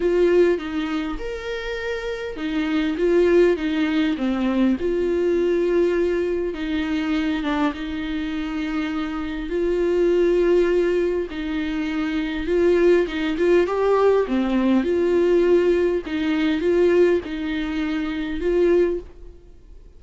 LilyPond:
\new Staff \with { instrumentName = "viola" } { \time 4/4 \tempo 4 = 101 f'4 dis'4 ais'2 | dis'4 f'4 dis'4 c'4 | f'2. dis'4~ | dis'8 d'8 dis'2. |
f'2. dis'4~ | dis'4 f'4 dis'8 f'8 g'4 | c'4 f'2 dis'4 | f'4 dis'2 f'4 | }